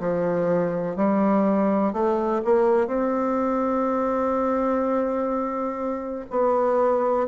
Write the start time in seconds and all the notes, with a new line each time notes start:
0.00 F3
0.96 G3
1.93 A3
2.45 A#3
2.87 C4
6.31 B3